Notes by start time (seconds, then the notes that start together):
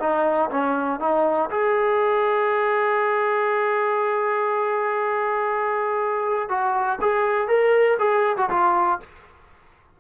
0.00 D#4
0.51 C#4
1.00 D#4
1.50 G#4
6.49 F#4
7.01 G#4
7.48 A#4
7.99 G#4
8.37 F#4
8.50 F4